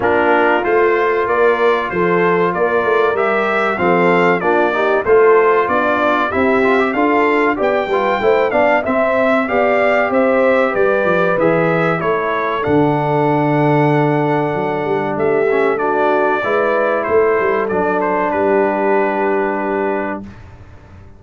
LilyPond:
<<
  \new Staff \with { instrumentName = "trumpet" } { \time 4/4 \tempo 4 = 95 ais'4 c''4 d''4 c''4 | d''4 e''4 f''4 d''4 | c''4 d''4 e''4 f''4 | g''4. f''8 e''4 f''4 |
e''4 d''4 e''4 cis''4 | fis''1 | e''4 d''2 c''4 | d''8 c''8 b'2. | }
  \new Staff \with { instrumentName = "horn" } { \time 4/4 f'2 ais'4 a'4 | ais'2 a'4 f'8 g'8 | a'4 d'4 g'4 a'4 | d''8 b'8 c''8 d''8 e''4 d''4 |
c''4 b'2 a'4~ | a'1 | g'4 fis'4 b'4 a'4~ | a'4 g'2. | }
  \new Staff \with { instrumentName = "trombone" } { \time 4/4 d'4 f'2.~ | f'4 g'4 c'4 d'8 dis'8 | f'2 e'8 f'16 g'16 f'4 | g'8 f'8 e'8 d'8 c'4 g'4~ |
g'2 gis'4 e'4 | d'1~ | d'8 cis'8 d'4 e'2 | d'1 | }
  \new Staff \with { instrumentName = "tuba" } { \time 4/4 ais4 a4 ais4 f4 | ais8 a8 g4 f4 ais4 | a4 b4 c'4 d'4 | b8 g8 a8 b8 c'4 b4 |
c'4 g8 f8 e4 a4 | d2. fis8 g8 | a2 gis4 a8 g8 | fis4 g2. | }
>>